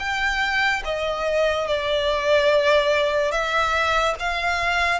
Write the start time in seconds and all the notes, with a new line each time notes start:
0.00 G5
0.85 D#5
1.68 D5
3.32 E5
4.20 F5